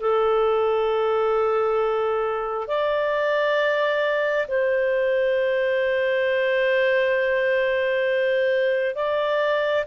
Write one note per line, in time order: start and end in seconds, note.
0.00 2.67 A4
2.67 4.47 D5
4.47 8.95 C5
8.95 9.84 D5